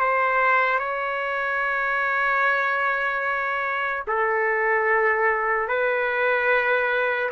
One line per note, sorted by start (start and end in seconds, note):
0.00 0.79 C5
0.79 4.04 C#5
4.08 5.68 A4
5.68 7.30 B4